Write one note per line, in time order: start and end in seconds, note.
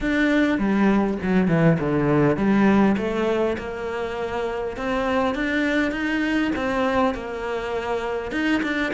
0.01 0.58 D4
0.58 1.17 G3
1.22 1.48 F#3
1.48 1.77 E3
1.79 2.36 D3
2.36 2.96 G3
2.97 3.56 A3
3.58 4.76 A#3
4.76 5.35 C4
5.35 5.91 D4
5.91 6.51 D#4
6.55 7.14 C4
7.14 8.31 A#3
8.31 8.61 D#4
8.62 8.92 D4